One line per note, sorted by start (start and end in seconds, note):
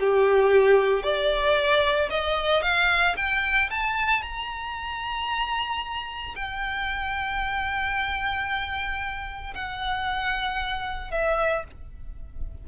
0.00 1.03 G4
1.03 2.09 D5
2.10 2.63 D#5
2.63 3.16 F5
3.17 3.70 G5
3.70 4.22 A5
4.22 6.35 A#5
6.35 9.54 G5
9.55 11.11 F#5
11.11 11.64 E5